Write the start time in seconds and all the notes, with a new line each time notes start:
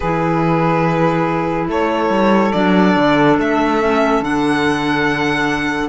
0.00 E3 E4 G#4 B4
1.67 A3 A4 C#5
2.09 G3
2.52 F#3 D4 D5
2.96 D3
3.38 A3 E5
3.81 C#4
4.20 D3 D4 F#5